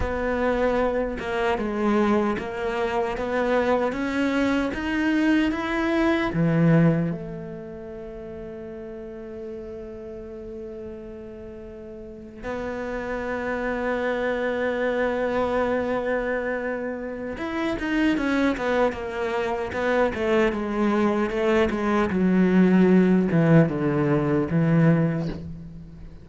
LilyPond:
\new Staff \with { instrumentName = "cello" } { \time 4/4 \tempo 4 = 76 b4. ais8 gis4 ais4 | b4 cis'4 dis'4 e'4 | e4 a2.~ | a2.~ a8. b16~ |
b1~ | b2 e'8 dis'8 cis'8 b8 | ais4 b8 a8 gis4 a8 gis8 | fis4. e8 d4 e4 | }